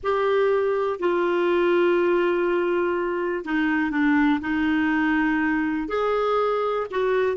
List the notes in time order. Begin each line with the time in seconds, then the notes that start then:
0.03 G4
0.99 F4
3.44 D#4
3.91 D4
4.40 D#4
5.88 G#4
6.91 F#4